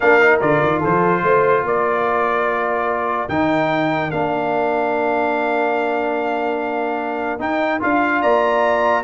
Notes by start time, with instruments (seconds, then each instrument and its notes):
0.00 tuba A#3, trombone D4, horn A#4, trumpet F5
0.20 trombone D#4
0.41 tuba D3, trombone F4, trumpet D5
0.62 tuba D#3
0.79 tuba F3, horn A4, trumpet C5
1.22 tuba A3, horn C5
1.62 tuba A#3, horn A#4, trumpet D5
3.28 tuba D#3, trombone D#4, trumpet G5
4.10 tuba A#3, trombone D4, trumpet F5
7.39 trombone D#4, tuba D#4, trumpet G5
7.79 tuba D4, trombone F4, trumpet F5
8.21 tuba A#3, horn D5, trumpet A#5